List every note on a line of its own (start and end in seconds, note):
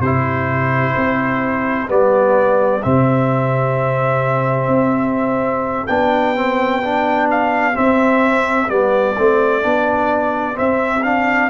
0.00 0.94 C3
0.00 1.88 E4
0.00 11.50 G4
0.00 1.88 C5
0.96 1.89 C4
1.88 2.83 G3
1.88 2.81 B3
1.88 2.83 D5
2.82 4.67 C3
2.82 5.87 C4
2.82 5.87 E5
4.67 5.85 C4
5.87 7.77 B3
5.87 6.35 D4
5.87 7.28 G5
6.35 6.82 C4
6.83 7.74 D4
7.30 7.76 F5
7.74 8.68 C4
7.74 8.69 C4
7.74 8.70 E5
8.69 9.16 G3
8.69 9.15 B3
8.69 10.57 D5
9.18 9.64 A3
9.18 9.62 C4
9.62 10.58 B3
9.62 10.53 D4
10.53 11.00 C4
10.53 11.03 E5
10.59 11.50 C4
11.03 11.50 D4
11.03 11.50 F5